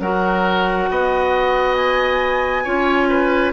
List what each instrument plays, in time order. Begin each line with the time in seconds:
0.00 bassoon F#3, clarinet F#4, oboe A#4, flute F#5
0.90 bassoon B3, oboe D#5
1.75 flute G#5
2.64 bassoon C#4, clarinet F4, oboe C#5
3.09 oboe B4